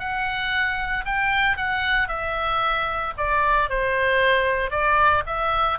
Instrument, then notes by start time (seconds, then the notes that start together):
oboe
0.00 F#5
1.06 G5
1.57 F#5
2.08 E5
3.18 D5
3.70 C5
4.71 D5
5.27 E5